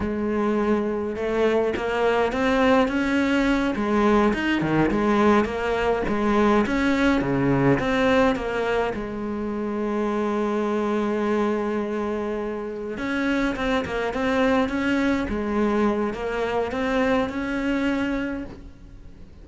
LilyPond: \new Staff \with { instrumentName = "cello" } { \time 4/4 \tempo 4 = 104 gis2 a4 ais4 | c'4 cis'4. gis4 dis'8 | dis8 gis4 ais4 gis4 cis'8~ | cis'8 cis4 c'4 ais4 gis8~ |
gis1~ | gis2~ gis8 cis'4 c'8 | ais8 c'4 cis'4 gis4. | ais4 c'4 cis'2 | }